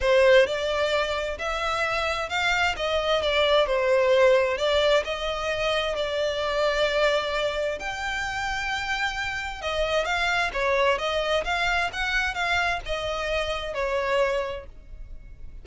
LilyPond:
\new Staff \with { instrumentName = "violin" } { \time 4/4 \tempo 4 = 131 c''4 d''2 e''4~ | e''4 f''4 dis''4 d''4 | c''2 d''4 dis''4~ | dis''4 d''2.~ |
d''4 g''2.~ | g''4 dis''4 f''4 cis''4 | dis''4 f''4 fis''4 f''4 | dis''2 cis''2 | }